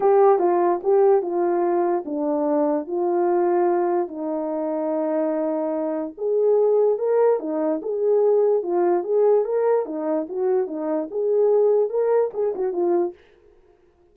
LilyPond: \new Staff \with { instrumentName = "horn" } { \time 4/4 \tempo 4 = 146 g'4 f'4 g'4 f'4~ | f'4 d'2 f'4~ | f'2 dis'2~ | dis'2. gis'4~ |
gis'4 ais'4 dis'4 gis'4~ | gis'4 f'4 gis'4 ais'4 | dis'4 fis'4 dis'4 gis'4~ | gis'4 ais'4 gis'8 fis'8 f'4 | }